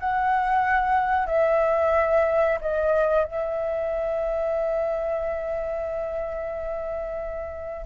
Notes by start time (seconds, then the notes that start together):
0.00 F#5
1.27 E5
2.61 D#5
3.25 E5